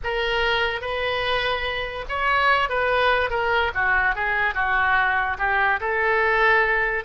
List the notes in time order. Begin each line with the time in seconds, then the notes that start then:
0.03 A#4
0.81 B4
2.08 C#5
2.69 B4
3.30 A#4
3.74 F#4
4.15 G#4
4.54 F#4
5.38 G4
5.80 A4